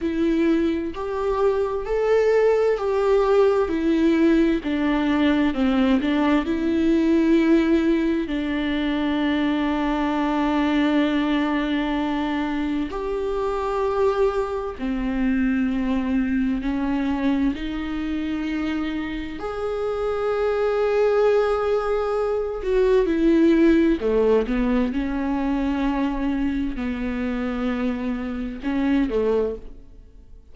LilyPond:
\new Staff \with { instrumentName = "viola" } { \time 4/4 \tempo 4 = 65 e'4 g'4 a'4 g'4 | e'4 d'4 c'8 d'8 e'4~ | e'4 d'2.~ | d'2 g'2 |
c'2 cis'4 dis'4~ | dis'4 gis'2.~ | gis'8 fis'8 e'4 a8 b8 cis'4~ | cis'4 b2 cis'8 a8 | }